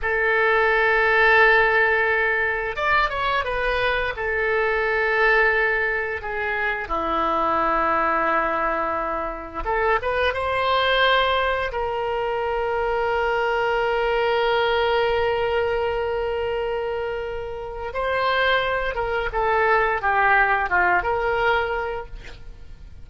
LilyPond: \new Staff \with { instrumentName = "oboe" } { \time 4/4 \tempo 4 = 87 a'1 | d''8 cis''8 b'4 a'2~ | a'4 gis'4 e'2~ | e'2 a'8 b'8 c''4~ |
c''4 ais'2.~ | ais'1~ | ais'2 c''4. ais'8 | a'4 g'4 f'8 ais'4. | }